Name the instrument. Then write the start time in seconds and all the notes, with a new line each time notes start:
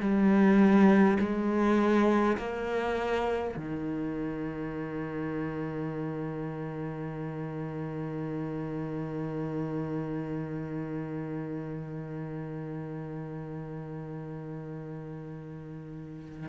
cello
0.00 G3
1.19 G#3
2.37 A#3
3.56 D#3